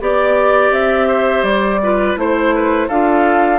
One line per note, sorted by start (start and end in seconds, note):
0.00 0.70 B3
0.00 1.81 G4
0.00 1.07 D5
0.00 0.72 D5
0.70 1.43 C4
0.70 1.43 E5
1.07 1.80 C5
1.43 2.15 G3
1.43 2.16 D5
1.82 2.16 F4
1.82 2.19 B4
2.16 2.88 A3
2.16 2.88 E4
2.16 2.89 C5
2.16 2.55 C5
2.55 2.87 B4
2.87 3.59 D4
2.87 3.59 F4
2.87 3.59 A4
2.87 3.59 F5